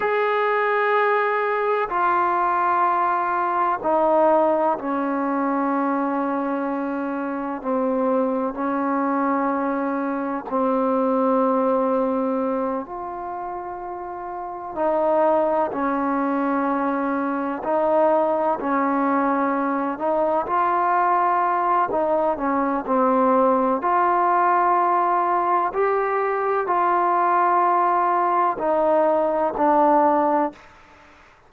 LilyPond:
\new Staff \with { instrumentName = "trombone" } { \time 4/4 \tempo 4 = 63 gis'2 f'2 | dis'4 cis'2. | c'4 cis'2 c'4~ | c'4. f'2 dis'8~ |
dis'8 cis'2 dis'4 cis'8~ | cis'4 dis'8 f'4. dis'8 cis'8 | c'4 f'2 g'4 | f'2 dis'4 d'4 | }